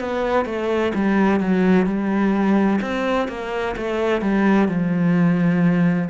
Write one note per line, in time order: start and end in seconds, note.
0.00 0.46 B3
0.46 0.92 A3
0.95 1.41 G3
1.41 1.87 F#3
1.87 2.80 G3
2.82 3.29 C4
3.29 3.75 A#3
3.77 4.22 A3
4.22 4.69 G3
4.69 6.09 F3